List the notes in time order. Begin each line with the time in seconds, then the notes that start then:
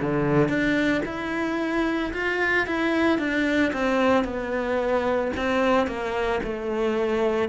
0.00 D3
0.48 D4
1.05 E4
2.13 F4
2.66 E4
3.18 D4
3.73 C4
4.24 B3
5.36 C4
5.86 A#3
6.43 A3